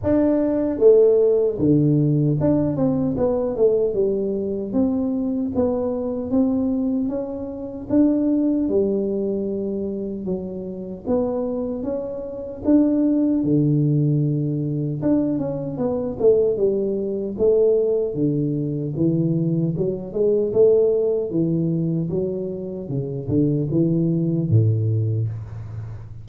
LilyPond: \new Staff \with { instrumentName = "tuba" } { \time 4/4 \tempo 4 = 76 d'4 a4 d4 d'8 c'8 | b8 a8 g4 c'4 b4 | c'4 cis'4 d'4 g4~ | g4 fis4 b4 cis'4 |
d'4 d2 d'8 cis'8 | b8 a8 g4 a4 d4 | e4 fis8 gis8 a4 e4 | fis4 cis8 d8 e4 a,4 | }